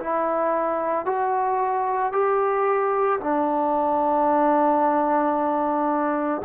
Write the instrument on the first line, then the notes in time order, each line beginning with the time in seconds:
trombone
0.00 E4
1.06 F#4
2.13 G4
3.20 D4